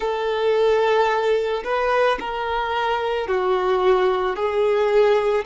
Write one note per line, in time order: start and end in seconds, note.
0.00 1.63 A4
1.64 2.18 B4
2.19 3.27 A#4
3.27 4.35 F#4
4.35 5.44 G#4